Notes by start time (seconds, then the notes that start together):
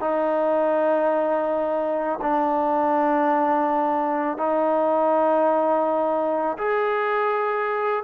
0.00 D#4
2.22 D4
4.38 D#4
6.58 G#4